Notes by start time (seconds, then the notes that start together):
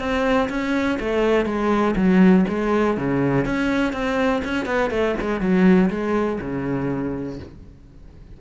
0.00 C4
0.49 C#4
1.00 A3
1.46 G#3
1.96 F#3
2.49 G#3
2.97 C#3
3.45 C#4
3.93 C4
4.45 C#4
4.66 B3
4.91 A3
5.21 G#3
5.41 F#3
5.90 G#3
6.41 C#3